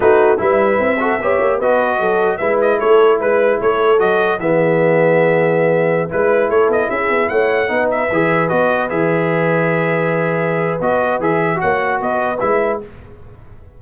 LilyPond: <<
  \new Staff \with { instrumentName = "trumpet" } { \time 4/4 \tempo 4 = 150 b'4 e''2. | dis''2 e''8 dis''8 cis''4 | b'4 cis''4 dis''4 e''4~ | e''2.~ e''16 b'8.~ |
b'16 cis''8 dis''8 e''4 fis''4. e''16~ | e''4~ e''16 dis''4 e''4.~ e''16~ | e''2. dis''4 | e''4 fis''4 dis''4 e''4 | }
  \new Staff \with { instrumentName = "horn" } { \time 4/4 fis'4 b'4. a'8 cis''4 | b'4 a'4 b'4 a'4 | b'4 a'2 gis'4~ | gis'2.~ gis'16 b'8.~ |
b'16 a'4 gis'4 cis''4 b'8.~ | b'1~ | b'1~ | b'4 cis''4 b'2 | }
  \new Staff \with { instrumentName = "trombone" } { \time 4/4 dis'4 e'4. fis'8 g'4 | fis'2 e'2~ | e'2 fis'4 b4~ | b2.~ b16 e'8.~ |
e'2.~ e'16 dis'8.~ | dis'16 gis'4 fis'4 gis'4.~ gis'16~ | gis'2. fis'4 | gis'4 fis'2 e'4 | }
  \new Staff \with { instrumentName = "tuba" } { \time 4/4 a4 g4 c'4 b8 ais8 | b4 fis4 gis4 a4 | gis4 a4 fis4 e4~ | e2.~ e16 gis8.~ |
gis16 a8 b8 cis'8 b8 a4 b8.~ | b16 e4 b4 e4.~ e16~ | e2. b4 | e4 ais4 b4 gis4 | }
>>